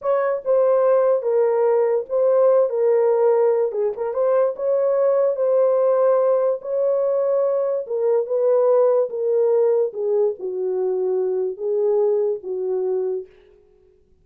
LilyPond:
\new Staff \with { instrumentName = "horn" } { \time 4/4 \tempo 4 = 145 cis''4 c''2 ais'4~ | ais'4 c''4. ais'4.~ | ais'4 gis'8 ais'8 c''4 cis''4~ | cis''4 c''2. |
cis''2. ais'4 | b'2 ais'2 | gis'4 fis'2. | gis'2 fis'2 | }